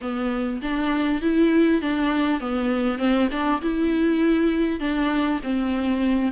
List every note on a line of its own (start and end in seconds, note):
0.01 0.61 B3
0.62 1.21 D4
1.21 1.81 E4
1.81 2.40 D4
2.40 2.98 B3
2.98 3.28 C4
3.31 3.61 D4
3.61 4.80 E4
4.80 5.40 D4
5.43 6.32 C4